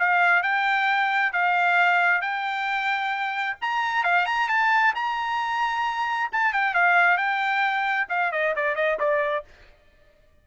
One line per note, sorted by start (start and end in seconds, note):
0.00 0.43 F5
0.43 1.33 G5
1.33 2.22 F5
2.22 3.57 G5
3.62 4.04 A#5
4.04 4.27 F5
4.27 4.49 A#5
4.49 4.94 A5
4.96 6.31 A#5
6.33 6.54 A5
6.54 6.75 G5
6.75 7.18 F5
7.18 8.08 G5
8.10 8.32 F5
8.33 8.55 D#5
8.57 8.76 D5
8.76 8.99 D#5
9.00 9.45 D5